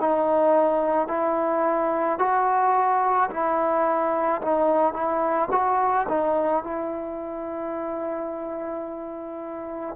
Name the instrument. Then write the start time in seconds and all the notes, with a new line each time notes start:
trombone
0.00 D#4
1.08 E4
2.19 F#4
3.30 E4
4.42 D#4
4.93 E4
5.52 F#4
6.09 D#4
6.64 E4